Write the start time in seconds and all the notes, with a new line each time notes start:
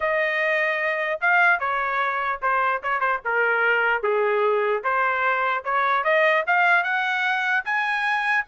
0.00 D#5
1.20 F5
1.59 C#5
2.42 C5
2.82 C#5
3.00 C5
3.24 A#4
4.02 G#4
4.83 C5
5.64 C#5
6.04 D#5
6.46 F5
6.83 F#5
7.64 G#5